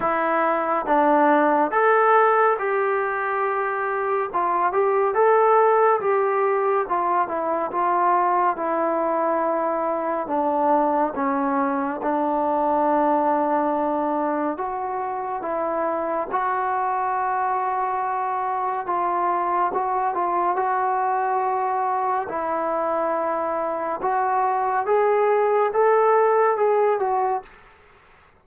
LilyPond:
\new Staff \with { instrumentName = "trombone" } { \time 4/4 \tempo 4 = 70 e'4 d'4 a'4 g'4~ | g'4 f'8 g'8 a'4 g'4 | f'8 e'8 f'4 e'2 | d'4 cis'4 d'2~ |
d'4 fis'4 e'4 fis'4~ | fis'2 f'4 fis'8 f'8 | fis'2 e'2 | fis'4 gis'4 a'4 gis'8 fis'8 | }